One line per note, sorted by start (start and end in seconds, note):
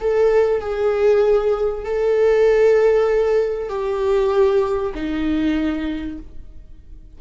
0.00 0.60 A4
0.60 1.84 G#4
1.84 3.69 A4
3.69 4.93 G4
4.94 6.18 D#4